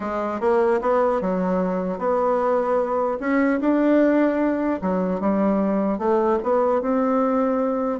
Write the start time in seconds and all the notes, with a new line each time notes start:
0.00 G#3
0.40 A#3
0.81 B3
1.21 F#3
1.98 B3
3.19 C#4
3.60 D4
4.81 F#3
5.20 G3
5.98 A3
6.43 B3
6.81 C4